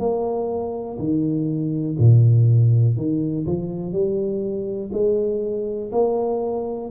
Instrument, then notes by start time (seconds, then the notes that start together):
tuba
0.00 A#3
0.99 D#3
1.99 A#2
2.97 D#3
3.46 F3
3.93 G3
4.93 G#3
5.92 A#3